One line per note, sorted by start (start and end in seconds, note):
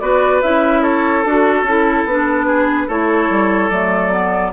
0.00 0.42 B3
0.00 0.42 F#4
0.00 0.82 B4
0.00 0.41 D5
0.42 1.25 C#4
0.42 1.25 E4
0.42 0.83 E5
0.82 2.47 A4
0.82 1.23 C#5
1.23 1.63 D4
1.23 1.67 F#4
1.23 2.05 A4
1.63 2.04 C#4
1.63 2.09 E4
2.05 2.87 B3
2.05 2.90 D4
2.05 2.90 B4
2.47 2.88 G#4
2.88 3.30 A3
2.88 3.72 E4
2.88 4.52 A4
2.88 3.69 C#5
3.30 3.71 G3
3.69 4.53 F#3
3.69 4.11 A3
3.69 4.52 D5
4.11 4.53 B3